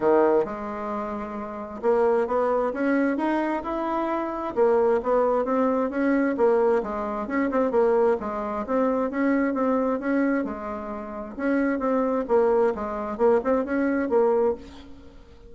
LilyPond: \new Staff \with { instrumentName = "bassoon" } { \time 4/4 \tempo 4 = 132 dis4 gis2. | ais4 b4 cis'4 dis'4 | e'2 ais4 b4 | c'4 cis'4 ais4 gis4 |
cis'8 c'8 ais4 gis4 c'4 | cis'4 c'4 cis'4 gis4~ | gis4 cis'4 c'4 ais4 | gis4 ais8 c'8 cis'4 ais4 | }